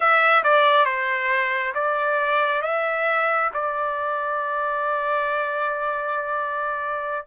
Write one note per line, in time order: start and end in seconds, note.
0.00 0.43 E5
0.43 0.85 D5
0.85 1.73 C5
1.74 2.61 D5
2.61 3.50 E5
3.53 7.26 D5